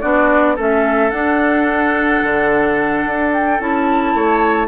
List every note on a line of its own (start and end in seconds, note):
0.00 0.58 B3
0.00 0.56 D4
0.00 0.55 F#4
0.00 0.55 D5
0.55 1.10 A3
0.55 1.10 C#4
0.55 4.13 A4
0.55 1.10 E5
1.10 2.20 D4
1.10 3.58 D4
1.10 3.30 F#5
2.23 3.05 D3
3.05 3.59 D4
3.32 3.60 G5
3.59 4.14 C#4
3.59 4.67 E4
3.59 4.67 A5
4.14 4.67 A3
4.14 4.67 C#5